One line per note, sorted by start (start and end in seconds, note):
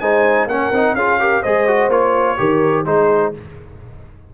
0.00 0.46 G#3
0.00 0.49 D#4
0.00 0.49 C5
0.00 0.48 G#5
0.46 0.70 A#3
0.46 0.73 C#4
0.46 0.96 A#4
0.46 0.95 F#5
0.72 0.94 C4
0.72 0.98 D#4
0.94 1.42 C#4
0.94 1.20 F4
0.94 1.19 G#4
0.94 1.43 F5
1.20 1.43 G4
1.20 1.42 A#4
1.42 1.88 G#3
1.42 1.67 G#4
1.42 2.37 C5
1.42 1.91 D#5
1.67 1.91 F#4
1.88 2.36 A#3
1.88 2.38 F4
1.88 2.85 C#5
2.38 2.86 D#3
2.38 2.86 G4
2.38 2.85 A#4
2.85 3.34 G#3
2.85 3.34 D#4
2.85 3.33 G#4
2.85 3.33 C5